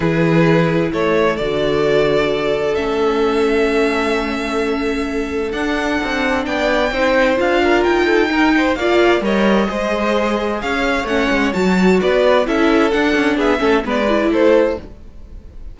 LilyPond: <<
  \new Staff \with { instrumentName = "violin" } { \time 4/4 \tempo 4 = 130 b'2 cis''4 d''4~ | d''2 e''2~ | e''1 | fis''2 g''2 |
f''4 g''2 f''4 | dis''2. f''4 | fis''4 a''4 d''4 e''4 | fis''4 e''4 d''4 c''4 | }
  \new Staff \with { instrumentName = "violin" } { \time 4/4 gis'2 a'2~ | a'1~ | a'1~ | a'2 d''4 c''4~ |
c''8 ais'4 a'8 ais'8 c''8 d''4 | cis''4 c''2 cis''4~ | cis''2 b'4 a'4~ | a'4 gis'8 a'8 b'4 a'4 | }
  \new Staff \with { instrumentName = "viola" } { \time 4/4 e'2. fis'4~ | fis'2 cis'2~ | cis'1 | d'2. dis'4 |
f'2 dis'4 f'4 | ais'4 gis'2. | cis'4 fis'2 e'4 | d'4. cis'8 b8 e'4. | }
  \new Staff \with { instrumentName = "cello" } { \time 4/4 e2 a4 d4~ | d2 a2~ | a1 | d'4 c'4 b4 c'4 |
d'4 dis'2 ais4 | g4 gis2 cis'4 | a8 gis8 fis4 b4 cis'4 | d'8 cis'8 b8 a8 gis4 a4 | }
>>